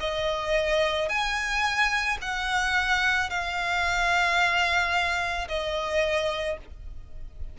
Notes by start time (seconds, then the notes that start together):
0.00 D#5
1.09 G#5
2.22 F#5
3.30 F5
5.48 D#5